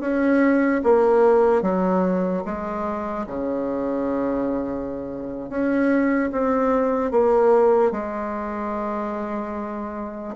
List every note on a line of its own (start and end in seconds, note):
0.00 0.81 C#4
0.83 1.62 A#3
1.62 2.43 F#3
2.45 3.26 G#3
3.27 5.49 C#3
5.49 6.30 C#4
6.32 7.11 C4
7.11 7.91 A#3
7.91 10.35 G#3